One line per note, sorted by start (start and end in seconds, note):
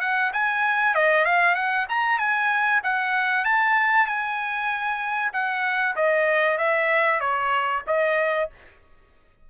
0.00 0.31 F#5
0.33 0.95 G#5
0.95 1.25 D#5
1.25 1.55 F5
1.55 1.86 F#5
1.89 2.18 A#5
2.18 2.81 G#5
2.84 3.45 F#5
3.45 4.07 A5
4.07 5.32 G#5
5.33 5.95 F#5
5.96 6.58 D#5
6.58 7.20 E5
7.20 7.83 C#5
7.87 8.50 D#5